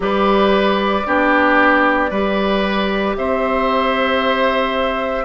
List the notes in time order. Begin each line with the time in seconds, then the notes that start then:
0.00 G3 G4 B4 D5
1.05 B3 D4 G4
2.10 G3 G4 B4
3.16 C4 C5 E5